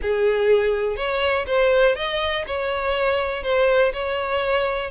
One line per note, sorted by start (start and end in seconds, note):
0.02 0.96 G#4
0.96 1.45 C#5
1.46 1.95 C5
1.95 2.44 D#5
2.46 3.43 C#5
3.43 3.92 C5
3.93 4.90 C#5